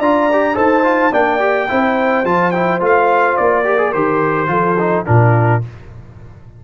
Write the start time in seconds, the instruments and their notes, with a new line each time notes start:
0.00 tuba D4, trombone F4, horn D5, trumpet A#5
0.33 trombone G4
0.55 tuba D#4, trombone A4, horn C5, trumpet A5
0.84 trombone F4
1.12 tuba A#3, trombone D4, horn D5, trumpet G5
1.40 trombone G4
1.69 tuba C4, trombone E4, horn C5
2.25 tuba F3, trombone F4, trumpet A5
2.51 trombone E4, trumpet G5
2.80 tuba A3, trombone F4, trumpet F5
3.37 tuba A#3, trumpet D5
3.65 trombone G4, horn A#4
3.78 trombone G#4
3.93 tuba D#3, trombone G4, trumpet C5
4.48 tuba F3, trombone F4, horn A4
4.79 trombone D#4
5.06 tuba A#2, trombone D4, horn F4, trumpet A#4